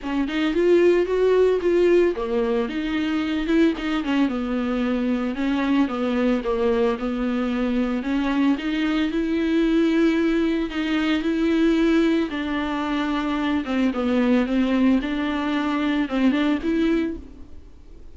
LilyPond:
\new Staff \with { instrumentName = "viola" } { \time 4/4 \tempo 4 = 112 cis'8 dis'8 f'4 fis'4 f'4 | ais4 dis'4. e'8 dis'8 cis'8 | b2 cis'4 b4 | ais4 b2 cis'4 |
dis'4 e'2. | dis'4 e'2 d'4~ | d'4. c'8 b4 c'4 | d'2 c'8 d'8 e'4 | }